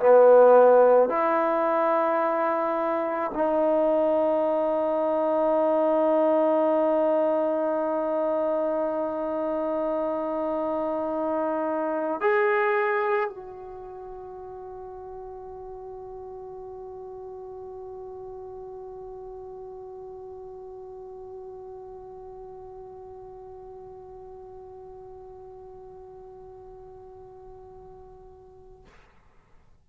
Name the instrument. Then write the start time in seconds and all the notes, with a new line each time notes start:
trombone
0.00 B3
1.10 E4
3.35 D#4
12.21 G#4
13.30 F#4